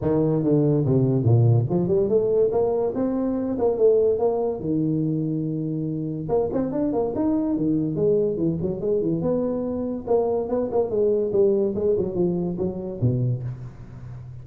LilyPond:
\new Staff \with { instrumentName = "tuba" } { \time 4/4 \tempo 4 = 143 dis4 d4 c4 ais,4 | f8 g8 a4 ais4 c'4~ | c'8 ais8 a4 ais4 dis4~ | dis2. ais8 c'8 |
d'8 ais8 dis'4 dis4 gis4 | e8 fis8 gis8 e8 b2 | ais4 b8 ais8 gis4 g4 | gis8 fis8 f4 fis4 b,4 | }